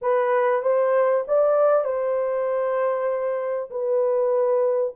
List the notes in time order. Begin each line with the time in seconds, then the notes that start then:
0.01 B4
0.62 C5
1.27 D5
1.84 C5
3.70 B4